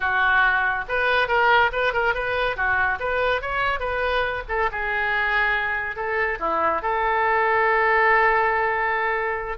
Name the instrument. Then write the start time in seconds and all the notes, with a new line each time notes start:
oboe
0.00 F#4
0.88 B4
1.28 A#4
1.72 B4
1.93 A#4
2.14 B4
2.56 F#4
2.99 B4
3.41 C#5
3.79 B4
4.48 A4
4.71 G#4
5.96 A4
6.39 E4
6.82 A4